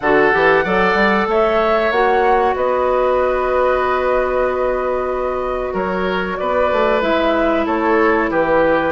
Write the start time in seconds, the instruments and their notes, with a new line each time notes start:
0.00 bassoon D3, clarinet F#4, oboe A4, flute F#5
0.32 bassoon E3, clarinet G4
0.64 bassoon F#3, clarinet A4, oboe D5
0.94 bassoon G3
1.26 bassoon A3, oboe C#5, flute E5
1.90 bassoon A#3, clarinet F#4, flute F#5
2.55 bassoon B3, oboe B4, flute D#5
5.73 bassoon F#3, oboe A#4, flute C#5
6.37 bassoon B3, oboe B4, flute D5
6.72 bassoon A3
7.01 bassoon G#3, clarinet E4, flute E5
7.66 bassoon A3, oboe A4, flute C#5
8.30 bassoon E3, oboe G4, flute B4